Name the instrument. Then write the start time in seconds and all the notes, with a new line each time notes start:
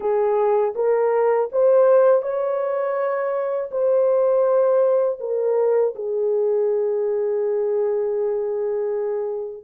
horn
0.00 G#4
0.75 A#4
1.52 C5
2.22 C#5
3.71 C5
5.20 A#4
5.95 G#4